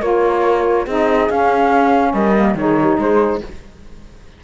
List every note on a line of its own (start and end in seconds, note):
0.00 0.87 A#3
0.00 0.86 F4
0.00 0.85 A#4
0.00 0.87 C#5
0.85 1.29 C4
0.85 1.30 D#4
0.85 2.13 G#4
0.85 1.31 D#5
1.30 2.13 C#4
1.30 2.35 C#4
1.30 2.13 F5
2.13 2.55 G3
2.13 2.57 A#4
2.13 2.56 D#5
2.35 2.57 A#3
2.55 2.97 D#3
2.55 3.43 D#4
2.55 2.81 G#4
2.55 3.00 C#5
2.81 3.01 G4
2.98 3.41 G#3
2.98 3.44 G#4
2.98 3.43 C5